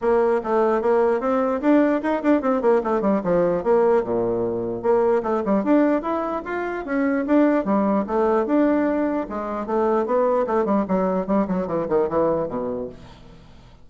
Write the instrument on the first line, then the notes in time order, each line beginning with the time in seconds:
bassoon
0.01 A#3
0.43 A3
0.81 A#3
1.20 C4
1.61 D4
2.02 D#4
2.23 D4
2.41 C4
2.61 A#3
2.83 A3
3.01 G3
3.23 F3
3.63 A#3
4.03 A#2
4.82 A#3
5.22 A3
5.45 G3
5.64 D4
6.02 E4
6.44 F4
6.85 C#4
7.26 D4
7.64 G3
8.06 A3
8.46 D4
9.29 G#3
9.66 A3
10.06 B3
10.46 A3
10.65 G3
10.87 F#3
11.26 G3
11.47 F#3
11.67 E3
11.88 D#3
12.08 E3
12.48 B2